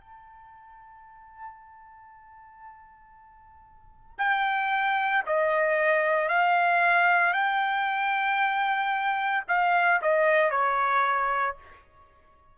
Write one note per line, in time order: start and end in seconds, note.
0.00 4.18 A5
4.18 5.23 G5
5.26 6.28 D#5
6.28 7.33 F5
7.33 9.44 G5
9.48 10.00 F5
10.01 10.50 D#5
10.50 11.56 C#5